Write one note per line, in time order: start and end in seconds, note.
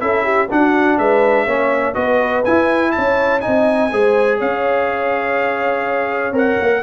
0.00 0.50 C#4
0.00 0.49 E4
0.00 0.23 A4
0.00 0.49 E5
0.23 0.48 G4
0.50 1.48 D4
0.50 0.98 D4
0.50 0.98 F#4
0.50 0.98 F#5
0.98 1.47 G#3
0.98 1.45 B4
0.98 1.95 E5
1.45 1.96 A#3
1.45 1.94 C#4
1.45 1.93 C#5
1.94 2.45 B3
1.94 2.43 F#4
1.94 2.92 B4
1.94 2.43 D#5
2.45 3.41 E4
2.45 2.96 E4
2.45 2.91 G#5
2.91 3.42 C#5
2.91 3.40 A5
2.98 3.47 C#4
3.41 3.90 D#4
3.41 3.91 D#5
3.41 4.38 G#5
3.47 3.92 C4
3.92 4.41 G#3
3.92 6.33 G#4
3.92 4.38 C5
4.38 6.32 C#4
4.38 6.82 C#5
4.38 6.36 F5
6.32 6.57 C4
6.32 6.82 A#4
6.32 6.83 F#5
6.61 6.83 A#3